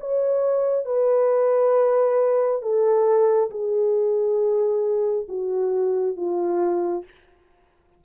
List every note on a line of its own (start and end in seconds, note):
0.00 0.85 C#5
0.85 2.62 B4
2.62 3.50 A4
3.51 5.27 G#4
5.29 6.16 F#4
6.16 7.04 F4